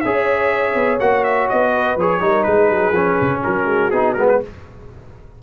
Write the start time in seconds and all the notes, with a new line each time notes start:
0.00 C#4 G#4 C#5 E5
0.74 B3
0.99 A#3 F#4 F#5
1.23 E5
1.49 B3 D#5
1.72 B4
1.96 F3 G#4 C#5
2.20 G3 D#4 A#4
2.43 G#3 G#4 B4
2.70 F#3
2.91 F3 C#4
3.21 C#3
3.42 F#3 F#4 A#4
3.65 G#3
3.91 B3 D#4 G#4
4.13 G#3 B3 A#4
4.28 B4